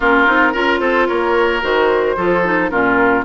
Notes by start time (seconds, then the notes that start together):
0.00 A#3 C#4 F4 A#4
0.26 C4 D#4
0.52 C#4 F4 A#4
0.79 C4 A4 C5
1.07 A#3 A#4 C#5
1.61 D#3 F#4 C5
2.16 F3 F4 A4
2.44 D#4
2.69 A#2 C#4 F4 A#4